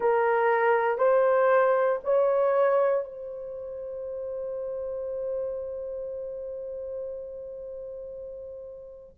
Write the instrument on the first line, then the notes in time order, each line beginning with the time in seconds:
horn
0.00 A#4
0.98 C5
2.03 C#5
3.05 C5